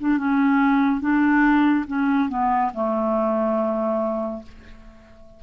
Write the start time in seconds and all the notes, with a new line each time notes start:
0.00 D4
0.18 C#4
1.01 D4
1.87 C#4
2.29 B3
2.74 A3